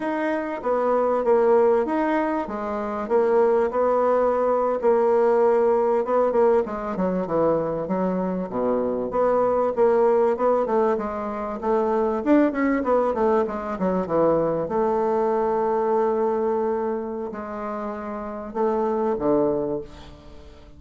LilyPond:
\new Staff \with { instrumentName = "bassoon" } { \time 4/4 \tempo 4 = 97 dis'4 b4 ais4 dis'4 | gis4 ais4 b4.~ b16 ais16~ | ais4.~ ais16 b8 ais8 gis8 fis8 e16~ | e8. fis4 b,4 b4 ais16~ |
ais8. b8 a8 gis4 a4 d'16~ | d'16 cis'8 b8 a8 gis8 fis8 e4 a16~ | a1 | gis2 a4 d4 | }